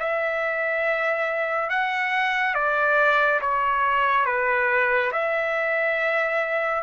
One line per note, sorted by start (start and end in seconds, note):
0.00 1.70 E5
1.70 2.55 F#5
2.55 3.41 D5
3.42 4.26 C#5
4.26 5.12 B4
5.13 6.84 E5